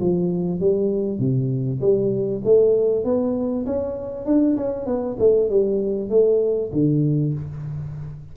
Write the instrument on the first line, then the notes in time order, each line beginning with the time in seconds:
tuba
0.00 F3
0.60 G3
1.19 C3
1.81 G3
2.44 A3
3.04 B3
3.66 C#4
4.26 D4
4.57 C#4
4.86 B3
5.19 A3
5.49 G3
6.09 A3
6.72 D3